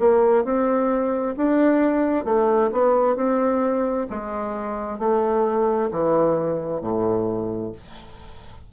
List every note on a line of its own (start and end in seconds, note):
0.00 0.45 A#3
0.45 1.36 C4
1.37 2.25 D4
2.25 2.71 A3
2.72 3.17 B3
3.17 4.07 C4
4.10 4.99 G#3
4.99 5.90 A3
5.92 6.81 E3
6.81 7.72 A2